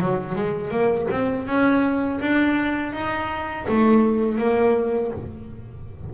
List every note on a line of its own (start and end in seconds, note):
0.00 0.35 F#3
0.35 0.71 G#3
0.71 1.07 A#3
1.11 1.46 C4
1.46 2.20 C#4
2.21 2.93 D4
2.93 3.66 D#4
3.68 4.38 A3
4.38 5.11 A#3